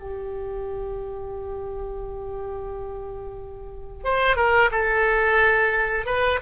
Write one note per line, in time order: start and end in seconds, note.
0.00 4.04 G4
4.04 4.36 C5
4.36 4.70 A#4
4.71 6.06 A4
6.06 6.40 B4